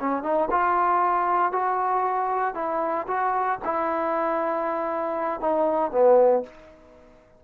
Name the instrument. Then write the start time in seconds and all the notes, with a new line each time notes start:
trombone
0.00 C#4
0.23 D#4
0.51 F4
1.52 F#4
2.55 E4
3.08 F#4
3.65 E4
5.41 D#4
5.92 B3